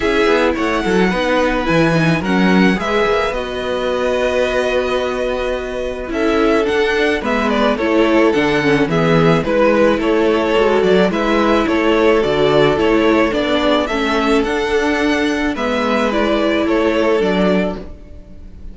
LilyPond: <<
  \new Staff \with { instrumentName = "violin" } { \time 4/4 \tempo 4 = 108 e''4 fis''2 gis''4 | fis''4 e''4 dis''2~ | dis''2. e''4 | fis''4 e''8 d''8 cis''4 fis''4 |
e''4 b'4 cis''4. d''8 | e''4 cis''4 d''4 cis''4 | d''4 e''4 fis''2 | e''4 d''4 cis''4 d''4 | }
  \new Staff \with { instrumentName = "violin" } { \time 4/4 gis'4 cis''8 a'8 b'2 | ais'4 b'2.~ | b'2. a'4~ | a'4 b'4 a'2 |
gis'4 b'4 a'2 | b'4 a'2.~ | a'8 gis'8 a'2. | b'2 a'2 | }
  \new Staff \with { instrumentName = "viola" } { \time 4/4 e'2 dis'4 e'8 dis'8 | cis'4 gis'4 fis'2~ | fis'2. e'4 | d'4 b4 e'4 d'8 cis'8 |
b4 e'2 fis'4 | e'2 fis'4 e'4 | d'4 cis'4 d'2 | b4 e'2 d'4 | }
  \new Staff \with { instrumentName = "cello" } { \time 4/4 cis'8 b8 a8 fis8 b4 e4 | fis4 gis8 ais8 b2~ | b2. cis'4 | d'4 gis4 a4 d4 |
e4 gis4 a4 gis8 fis8 | gis4 a4 d4 a4 | b4 a4 d'2 | gis2 a4 fis4 | }
>>